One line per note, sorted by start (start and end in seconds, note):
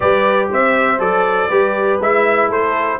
0.00 0.51 G3
0.00 0.97 G4
0.00 0.49 B4
0.00 0.49 D5
0.49 0.99 C4
0.49 1.49 C5
0.49 1.00 E5
0.99 1.49 F#3
0.99 1.49 A4
0.99 2.00 D5
1.49 1.99 G3
1.49 2.00 G4
1.49 2.49 B4
2.00 2.49 G#3
2.00 2.99 E4
2.00 2.51 E5
2.49 2.99 A3
2.49 2.99 A4
2.49 2.99 C5